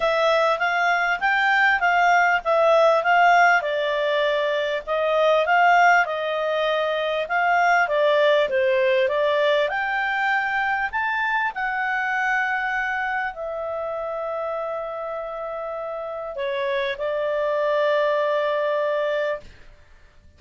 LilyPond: \new Staff \with { instrumentName = "clarinet" } { \time 4/4 \tempo 4 = 99 e''4 f''4 g''4 f''4 | e''4 f''4 d''2 | dis''4 f''4 dis''2 | f''4 d''4 c''4 d''4 |
g''2 a''4 fis''4~ | fis''2 e''2~ | e''2. cis''4 | d''1 | }